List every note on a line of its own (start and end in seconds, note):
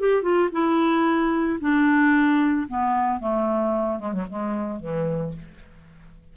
0.00 0.23 G4
0.23 0.49 F4
0.52 1.59 E4
1.60 2.68 D4
2.68 3.20 B3
3.20 4.00 A3
4.00 4.13 G#3
4.13 4.26 F#3
4.30 4.80 G#3
4.80 5.34 E3